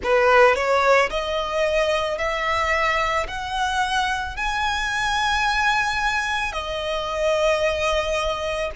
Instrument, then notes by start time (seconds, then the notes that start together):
violin
0.03 B4
0.55 C#5
1.10 D#5
2.18 E5
3.27 F#5
4.36 G#5
6.52 D#5